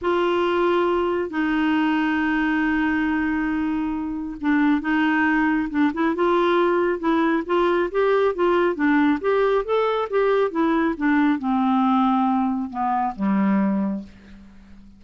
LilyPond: \new Staff \with { instrumentName = "clarinet" } { \time 4/4 \tempo 4 = 137 f'2. dis'4~ | dis'1~ | dis'2 d'4 dis'4~ | dis'4 d'8 e'8 f'2 |
e'4 f'4 g'4 f'4 | d'4 g'4 a'4 g'4 | e'4 d'4 c'2~ | c'4 b4 g2 | }